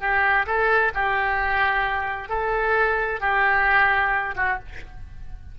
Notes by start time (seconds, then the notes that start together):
0.00 G4
0.46 A4
0.95 G4
2.29 A4
3.20 G4
4.36 F#4